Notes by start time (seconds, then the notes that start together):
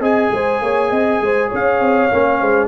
0.00 C4 G#4 D#5 G#5
0.31 G#3 C5
0.61 A#3 C#5
0.90 C4 D#5
1.21 G#3 C5
1.49 C#4 C#5 F5
1.80 C4
2.10 A#3 C#4
2.39 G#3 C5